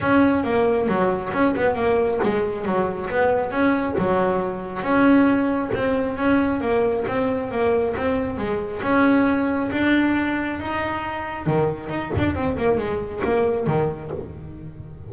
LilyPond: \new Staff \with { instrumentName = "double bass" } { \time 4/4 \tempo 4 = 136 cis'4 ais4 fis4 cis'8 b8 | ais4 gis4 fis4 b4 | cis'4 fis2 cis'4~ | cis'4 c'4 cis'4 ais4 |
c'4 ais4 c'4 gis4 | cis'2 d'2 | dis'2 dis4 dis'8 d'8 | c'8 ais8 gis4 ais4 dis4 | }